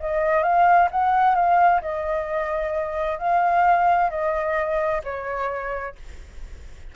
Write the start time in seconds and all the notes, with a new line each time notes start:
0.00 D#5
0.43 F5
0.91 F#5
1.35 F5
1.82 D#5
3.19 F5
4.10 D#5
5.04 C#5